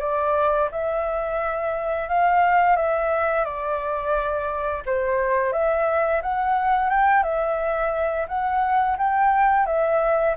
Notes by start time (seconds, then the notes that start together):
0.00 D5
0.72 E5
2.09 F5
2.76 E5
3.45 D5
4.86 C5
5.53 E5
6.23 F#5
6.90 G5
7.23 E5
8.28 F#5
8.98 G5
9.66 E5